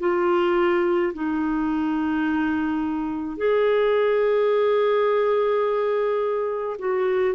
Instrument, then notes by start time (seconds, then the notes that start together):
clarinet
0.00 F4
1.14 D#4
3.38 G#4
6.79 F#4